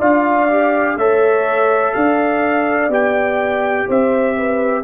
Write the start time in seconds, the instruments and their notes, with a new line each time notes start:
0.00 tuba D4, trombone F4, horn D5, trumpet F5
0.50 trombone G4
0.97 tuba A3, trombone A4, horn C#5, trumpet E5
1.94 tuba D4, horn D5, trumpet F5
2.89 tuba B3, trombone G4, trumpet G5
3.88 tuba C4, horn C5, trumpet E5
4.38 horn B4